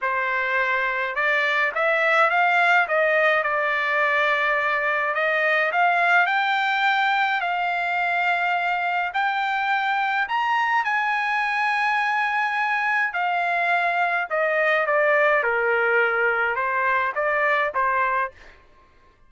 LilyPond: \new Staff \with { instrumentName = "trumpet" } { \time 4/4 \tempo 4 = 105 c''2 d''4 e''4 | f''4 dis''4 d''2~ | d''4 dis''4 f''4 g''4~ | g''4 f''2. |
g''2 ais''4 gis''4~ | gis''2. f''4~ | f''4 dis''4 d''4 ais'4~ | ais'4 c''4 d''4 c''4 | }